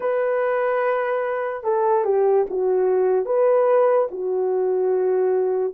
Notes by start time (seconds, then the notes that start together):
0.00 B4
1.63 A4
2.04 G4
2.50 F#4
3.25 B4
4.11 F#4